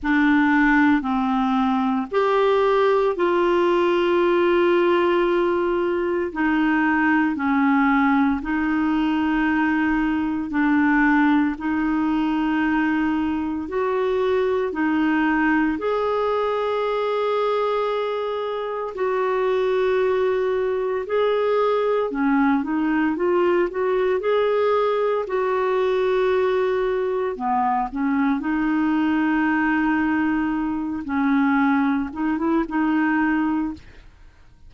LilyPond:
\new Staff \with { instrumentName = "clarinet" } { \time 4/4 \tempo 4 = 57 d'4 c'4 g'4 f'4~ | f'2 dis'4 cis'4 | dis'2 d'4 dis'4~ | dis'4 fis'4 dis'4 gis'4~ |
gis'2 fis'2 | gis'4 cis'8 dis'8 f'8 fis'8 gis'4 | fis'2 b8 cis'8 dis'4~ | dis'4. cis'4 dis'16 e'16 dis'4 | }